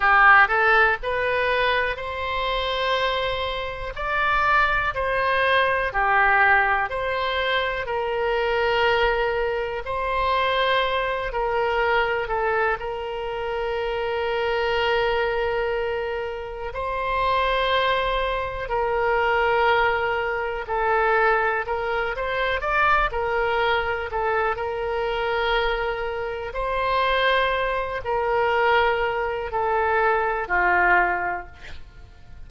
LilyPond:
\new Staff \with { instrumentName = "oboe" } { \time 4/4 \tempo 4 = 61 g'8 a'8 b'4 c''2 | d''4 c''4 g'4 c''4 | ais'2 c''4. ais'8~ | ais'8 a'8 ais'2.~ |
ais'4 c''2 ais'4~ | ais'4 a'4 ais'8 c''8 d''8 ais'8~ | ais'8 a'8 ais'2 c''4~ | c''8 ais'4. a'4 f'4 | }